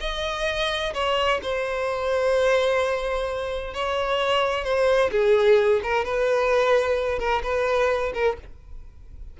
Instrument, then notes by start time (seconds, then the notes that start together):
violin
0.00 D#5
0.93 C#5
1.42 C5
3.73 C#5
4.64 C5
5.11 G#4
5.83 A#4
6.04 B4
7.19 A#4
7.42 B4
8.14 A#4